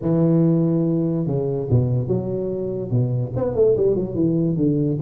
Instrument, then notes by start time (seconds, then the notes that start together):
tuba
0.01 E3
1.26 C#3
1.70 B2
2.07 F#3
2.90 B2
3.35 B3
3.55 A3
3.76 G3
3.95 F#3
4.14 E3
4.56 D3